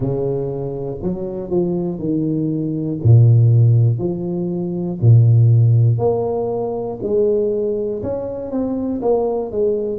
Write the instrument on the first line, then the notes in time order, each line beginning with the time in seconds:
tuba
0.00 C#3
1.02 F#3
1.50 F3
1.99 D#3
3.03 A#2
3.98 F3
5.00 A#2
5.98 A#3
7.02 G#3
8.03 C#4
8.50 C4
9.01 A#3
9.51 G#3